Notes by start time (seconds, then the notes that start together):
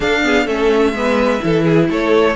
0.00 D4 A4 F5
0.23 B3 G#4
0.45 A3 C#4 A4 E5
0.92 G#3 B3 B4
1.39 E3 E4 A4
1.64 G#4
1.89 A3 A4 C#5